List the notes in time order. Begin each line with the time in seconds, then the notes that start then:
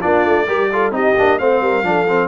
0.00 A#3 D4 F4 D5
0.25 A3
0.47 G3 G4 A#4
0.73 F4 A4
0.91 C4 D#4 G4 D#5
1.18 A#3 D4
1.39 A3 C4 C5 F5
1.61 G3 A#4
1.83 F3 D4 A4
2.09 C4